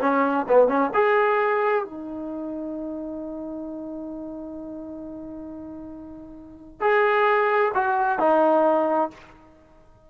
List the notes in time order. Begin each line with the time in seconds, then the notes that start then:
0.00 C#4
0.48 B3
0.67 C#4
0.93 G#4
1.84 D#4
6.80 G#4
7.74 F#4
8.19 D#4